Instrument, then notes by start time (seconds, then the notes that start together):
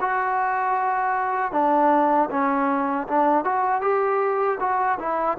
trombone
0.00 F#4
1.52 D4
2.30 C#4
3.07 D4
3.44 F#4
3.81 G4
4.60 F#4
4.99 E4